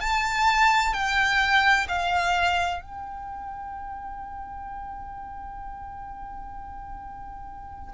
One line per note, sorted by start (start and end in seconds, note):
0.00 0.93 A5
0.93 1.87 G5
1.88 2.82 F5
2.82 7.94 G5